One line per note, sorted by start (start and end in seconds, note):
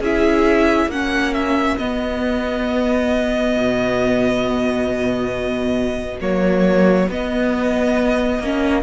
0.00 0.86 C#4
0.00 0.92 E4
0.00 0.89 G#4
0.00 0.91 E5
0.86 1.75 A#3
0.86 1.79 C#4
0.86 8.83 F#4
0.86 1.34 F#5
1.34 1.77 E5
1.77 6.20 B3
1.77 3.56 B3
1.77 6.19 D#5
3.56 6.21 B2
6.21 7.08 F#3
6.21 7.09 A#3
6.21 7.10 C#5
7.08 8.39 B3
7.08 8.42 B3
7.08 8.83 D#5
8.39 8.83 A#3
8.39 8.83 C#4